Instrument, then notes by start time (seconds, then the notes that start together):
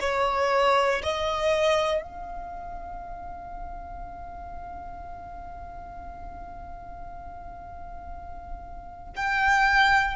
violin
0.00 C#5
1.03 D#5
2.02 F5
9.16 G5